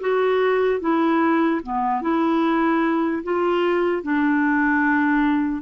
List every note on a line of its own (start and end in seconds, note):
0.00 0.80 F#4
0.80 1.61 E4
1.62 2.01 B3
2.01 3.23 E4
3.23 4.02 F4
4.02 5.62 D4